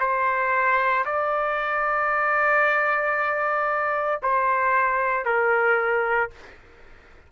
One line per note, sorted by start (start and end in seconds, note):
0.00 1.05 C5
1.05 4.21 D5
4.23 5.26 C5
5.26 6.31 A#4